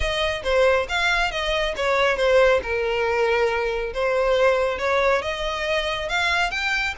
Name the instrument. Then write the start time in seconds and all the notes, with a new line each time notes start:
violin
0.00 D#5
0.43 C5
0.88 F5
1.31 D#5
1.76 C#5
2.16 C5
2.62 A#4
3.93 C5
4.78 C#5
5.22 D#5
6.08 F5
6.50 G5